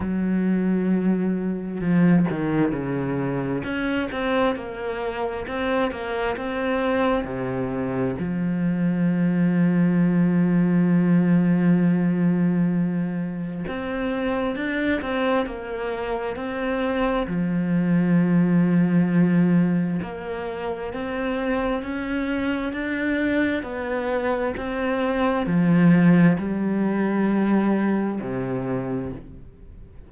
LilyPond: \new Staff \with { instrumentName = "cello" } { \time 4/4 \tempo 4 = 66 fis2 f8 dis8 cis4 | cis'8 c'8 ais4 c'8 ais8 c'4 | c4 f2.~ | f2. c'4 |
d'8 c'8 ais4 c'4 f4~ | f2 ais4 c'4 | cis'4 d'4 b4 c'4 | f4 g2 c4 | }